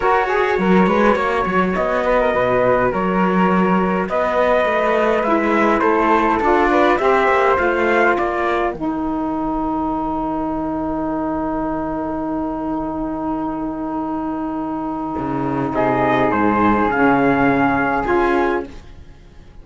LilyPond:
<<
  \new Staff \with { instrumentName = "trumpet" } { \time 4/4 \tempo 4 = 103 cis''2. dis''4~ | dis''4 cis''2 dis''4~ | dis''4 e''4 c''4 d''4 | e''4 f''4 d''4 g''4~ |
g''1~ | g''1~ | g''2. dis''4 | c''4 f''2 gis''4 | }
  \new Staff \with { instrumentName = "flute" } { \time 4/4 ais'8 gis'8 ais'8 b'8 cis''4. b'16 ais'16 | b'4 ais'2 b'4~ | b'2 a'4. b'8 | c''2 ais'2~ |
ais'1~ | ais'1~ | ais'2. gis'4~ | gis'1 | }
  \new Staff \with { instrumentName = "saxophone" } { \time 4/4 fis'8 gis'8 fis'2.~ | fis'1~ | fis'4 e'2 f'4 | g'4 f'2 dis'4~ |
dis'1~ | dis'1~ | dis'1~ | dis'4 cis'2 f'4 | }
  \new Staff \with { instrumentName = "cello" } { \time 4/4 fis'4 fis8 gis8 ais8 fis8 b4 | b,4 fis2 b4 | a4 gis4 a4 d'4 | c'8 ais8 a4 ais4 dis4~ |
dis1~ | dis1~ | dis2 cis4 c4 | gis,4 cis2 cis'4 | }
>>